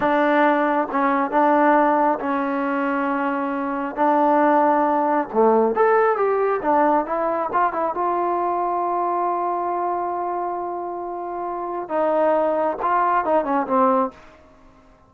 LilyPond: \new Staff \with { instrumentName = "trombone" } { \time 4/4 \tempo 4 = 136 d'2 cis'4 d'4~ | d'4 cis'2.~ | cis'4 d'2. | a4 a'4 g'4 d'4 |
e'4 f'8 e'8 f'2~ | f'1~ | f'2. dis'4~ | dis'4 f'4 dis'8 cis'8 c'4 | }